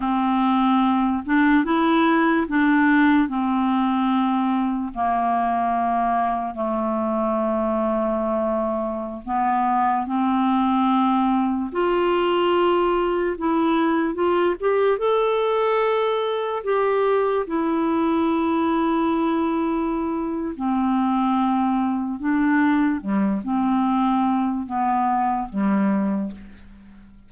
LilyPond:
\new Staff \with { instrumentName = "clarinet" } { \time 4/4 \tempo 4 = 73 c'4. d'8 e'4 d'4 | c'2 ais2 | a2.~ a16 b8.~ | b16 c'2 f'4.~ f'16~ |
f'16 e'4 f'8 g'8 a'4.~ a'16~ | a'16 g'4 e'2~ e'8.~ | e'4 c'2 d'4 | g8 c'4. b4 g4 | }